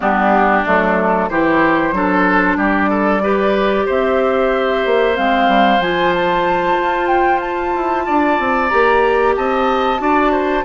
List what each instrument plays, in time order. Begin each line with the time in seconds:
0.00 bassoon G3, clarinet B3, oboe D4, flute G4
0.65 bassoon F#3, clarinet A3, flute A4
1.29 bassoon E3, clarinet E4, oboe G4, flute C5
1.92 bassoon F#3, clarinet D4, oboe A4
2.57 bassoon G3, oboe G4, flute D5
2.89 oboe A4
3.22 clarinet G4, oboe B4
3.85 bassoon C4, oboe C5, flute E5
4.85 bassoon A#3
5.15 bassoon G#3, clarinet C4, flute F5
5.47 bassoon G3
5.79 bassoon F3, clarinet F4, flute G#5
6.13 flute A5
6.78 bassoon F4
7.07 flute G5
7.40 flute A5
7.75 bassoon E4
8.06 bassoon D4, oboe D5
8.39 bassoon C4
8.68 bassoon A#3, clarinet G4, flute A#5
9.35 bassoon C4, oboe D#5, flute A5
9.98 bassoon D4, clarinet F#4, oboe D5
10.32 oboe C5